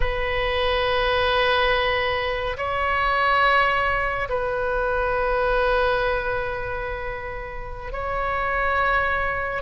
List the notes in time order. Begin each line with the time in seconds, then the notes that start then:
0.00 B4
2.57 C#5
4.29 B4
7.92 C#5